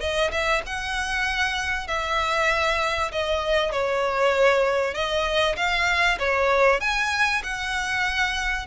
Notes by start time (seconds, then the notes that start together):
0.00 D#5
0.31 E5
0.66 F#5
1.87 E5
3.12 D#5
3.71 C#5
4.94 D#5
5.56 F5
6.19 C#5
6.80 G#5
7.43 F#5